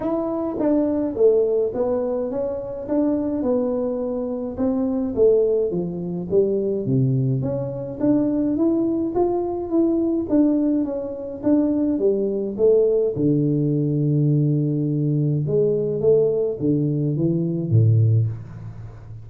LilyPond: \new Staff \with { instrumentName = "tuba" } { \time 4/4 \tempo 4 = 105 e'4 d'4 a4 b4 | cis'4 d'4 b2 | c'4 a4 f4 g4 | c4 cis'4 d'4 e'4 |
f'4 e'4 d'4 cis'4 | d'4 g4 a4 d4~ | d2. gis4 | a4 d4 e4 a,4 | }